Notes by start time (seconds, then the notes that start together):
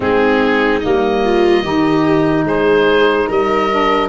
0.00 G#3 C4 D#4 G#4
0.80 G3 A#3 D#5
1.24 F4
1.62 D#3 D#4 G4
2.44 G#3 G#4 C5
3.28 G3 A#4 D#5
3.70 D4